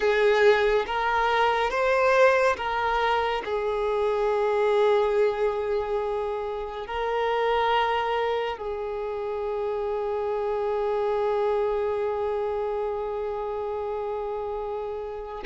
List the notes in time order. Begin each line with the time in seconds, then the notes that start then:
0.00 G#4
0.86 A#4
1.70 C5
2.56 A#4
3.44 G#4
6.86 A#4
8.57 G#4